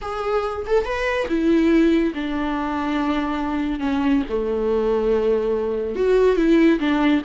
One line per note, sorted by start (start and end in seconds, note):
0.01 0.65 G#4
0.67 0.84 A4
0.84 1.27 B4
1.28 2.13 E4
2.14 3.79 D4
3.79 4.22 C#4
4.29 5.95 A3
5.95 6.36 F#4
6.36 6.79 E4
6.79 7.22 D4